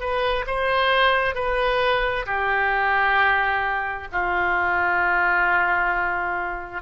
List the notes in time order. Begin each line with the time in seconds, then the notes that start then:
0.00 B4
0.47 C5
1.35 B4
2.26 G4
4.12 F4